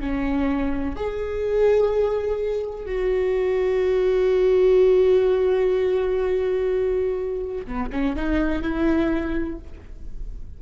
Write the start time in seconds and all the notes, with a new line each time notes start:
0.00 C#4
0.96 G#4
2.86 F#4
7.66 B3
7.92 C#4
8.16 D#4
8.62 E4